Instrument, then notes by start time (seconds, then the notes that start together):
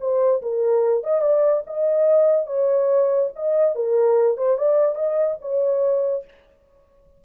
horn
0.00 C5
0.42 A#4
1.04 D#5
1.21 D5
1.67 D#5
2.46 C#5
3.35 D#5
3.75 A#4
4.37 C5
4.57 D5
4.95 D#5
5.41 C#5